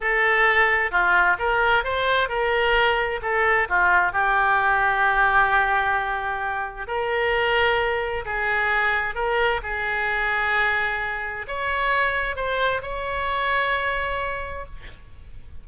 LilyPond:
\new Staff \with { instrumentName = "oboe" } { \time 4/4 \tempo 4 = 131 a'2 f'4 ais'4 | c''4 ais'2 a'4 | f'4 g'2.~ | g'2. ais'4~ |
ais'2 gis'2 | ais'4 gis'2.~ | gis'4 cis''2 c''4 | cis''1 | }